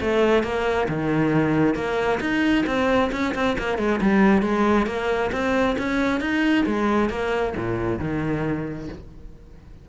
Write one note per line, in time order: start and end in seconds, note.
0.00 0.43 A3
0.43 0.87 A#3
0.88 1.74 D#3
1.74 2.19 A#3
2.20 2.65 D#4
2.66 3.10 C4
3.12 3.34 C#4
3.34 3.57 C4
3.58 3.78 A#3
3.78 4.00 G#3
4.01 4.42 G3
4.42 4.86 G#3
4.86 5.30 A#3
5.32 5.76 C4
5.78 6.20 C#4
6.20 6.65 D#4
6.66 7.09 G#3
7.09 7.54 A#3
7.56 7.99 A#2
7.99 8.88 D#3